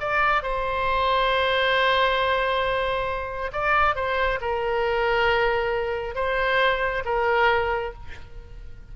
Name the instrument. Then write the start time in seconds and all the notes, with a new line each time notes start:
oboe
0.00 D5
0.42 C5
3.52 D5
3.95 C5
4.41 A#4
6.15 C5
7.05 A#4